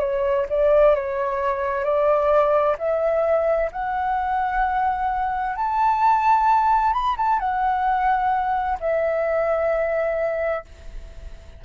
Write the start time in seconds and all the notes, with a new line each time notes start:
0.00 C#5
0.50 D5
0.95 C#5
1.84 D5
2.79 E5
3.72 F#5
5.56 A5
6.93 B5
7.17 A5
7.40 F#5
8.81 E5